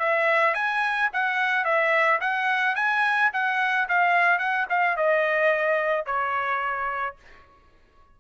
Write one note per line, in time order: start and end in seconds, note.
0.00 0.55 E5
0.55 1.10 G#5
1.13 1.65 F#5
1.65 2.20 E5
2.21 2.76 F#5
2.76 3.31 G#5
3.34 3.89 F#5
3.89 4.39 F5
4.39 4.67 F#5
4.70 4.97 F5
4.97 6.06 D#5
6.06 7.16 C#5